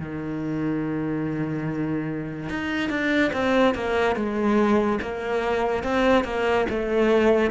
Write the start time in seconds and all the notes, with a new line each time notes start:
0.00 D#3
2.50 D#4
2.90 D4
3.33 C4
3.75 A#3
4.16 G#3
5.02 A#3
5.84 C4
6.25 A#3
6.70 A3